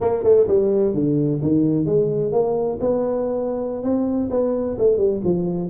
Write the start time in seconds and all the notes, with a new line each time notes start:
0.00 A#3
0.23 A3
0.47 G3
0.94 D3
1.42 D#3
1.85 G#3
2.32 A#3
2.80 B3
3.83 C4
4.30 B3
4.78 A3
4.97 G3
5.23 F3